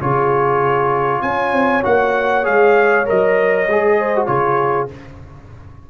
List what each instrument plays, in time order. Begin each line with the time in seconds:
0.00 tuba C#3, trombone F4, horn G#4, trumpet C#5
1.22 tuba C#4, horn C#5, trumpet G#5
1.53 tuba C4
1.83 tuba A#3, trombone F#4, trumpet F#5
2.43 tuba G#3, trombone G#4, trumpet F5
3.05 tuba F#3, trombone A#4, trumpet D#5
3.67 tuba G#3, trombone G#4
3.99 horn C5
4.16 trombone F#4
4.26 tuba C#3, trombone F4, horn G#4, trumpet C#5